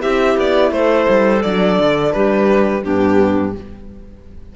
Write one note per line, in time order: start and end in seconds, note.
0.00 0.37 C4
0.00 1.41 E4
0.00 0.72 G4
0.00 0.37 E5
0.37 0.71 B3
0.37 0.72 D5
0.71 1.07 A3
0.71 2.15 A4
0.71 1.42 C5
1.09 1.45 G3
1.42 1.79 F#3
1.42 2.85 D4
1.42 2.12 D5
1.79 2.14 D3
2.12 2.85 G3
2.12 2.83 G4
2.12 2.83 B4
2.83 3.55 G2
2.83 3.56 B3
2.83 3.54 D4
2.83 3.55 G4